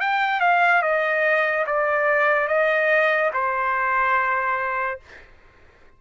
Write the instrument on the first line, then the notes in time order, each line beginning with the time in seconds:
trumpet
0.00 G5
0.40 F5
0.82 D#5
1.67 D5
2.48 D#5
3.33 C5